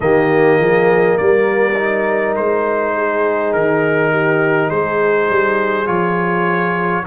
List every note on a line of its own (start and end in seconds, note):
0.00 0.59 D#3
0.00 1.74 A#3
0.00 0.59 G4
0.00 1.17 D#5
0.59 1.18 F3
0.59 1.18 G#4
1.17 2.37 G3
1.17 2.95 A#4
1.17 2.35 D5
1.75 5.85 D#4
2.36 3.54 G#3
2.36 3.52 C5
2.95 4.11 G#4
3.52 4.70 D#3
3.52 4.70 A#4
4.11 4.67 G4
4.67 5.29 G#3
4.67 7.03 G#4
4.67 5.87 C5
5.29 5.87 G3
5.85 7.05 F3
5.85 7.03 F4
5.85 7.04 C#5